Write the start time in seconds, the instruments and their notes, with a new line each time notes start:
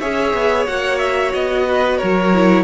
0.00 cello C#4, viola G#4, violin C#5 E5
0.33 cello B3
0.66 cello A#3, viola F#4, violin F#5
0.98 violin E5
1.33 cello B3, violin D#5
1.68 violin B4
1.98 cello F#3, violin A#4 C#5
2.34 viola E4